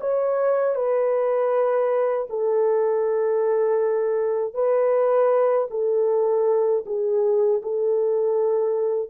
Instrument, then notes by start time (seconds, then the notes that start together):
horn
0.00 C#5
0.75 B4
2.29 A4
4.53 B4
5.70 A4
6.85 G#4
7.62 A4